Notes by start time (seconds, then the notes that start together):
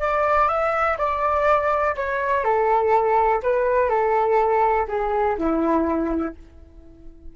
0.00 D5
0.48 E5
0.98 D5
1.96 C#5
2.44 A4
3.43 B4
3.90 A4
4.88 G#4
5.38 E4